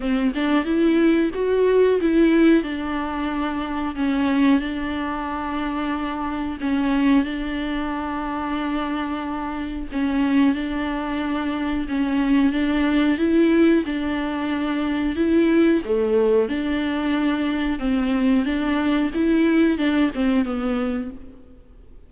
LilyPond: \new Staff \with { instrumentName = "viola" } { \time 4/4 \tempo 4 = 91 c'8 d'8 e'4 fis'4 e'4 | d'2 cis'4 d'4~ | d'2 cis'4 d'4~ | d'2. cis'4 |
d'2 cis'4 d'4 | e'4 d'2 e'4 | a4 d'2 c'4 | d'4 e'4 d'8 c'8 b4 | }